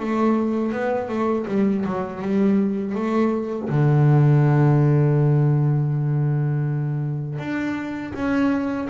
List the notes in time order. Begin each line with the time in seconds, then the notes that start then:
0.00 A3
0.72 B3
1.09 A3
1.48 G3
1.86 F#3
2.22 G3
2.95 A3
3.70 D3
7.39 D4
8.14 C#4